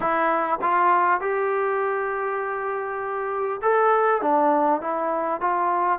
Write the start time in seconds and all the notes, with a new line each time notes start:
0.00 E4
0.61 F4
1.21 G4
3.62 A4
4.21 D4
4.81 E4
5.41 F4